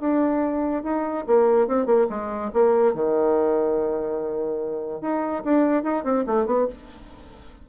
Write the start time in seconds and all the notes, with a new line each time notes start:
0.00 D4
0.84 D#4
1.27 A#3
1.68 C4
1.86 A#3
2.09 G#3
2.53 A#3
2.94 D#3
5.01 D#4
5.45 D4
5.83 D#4
6.04 C4
6.26 A3
6.46 B3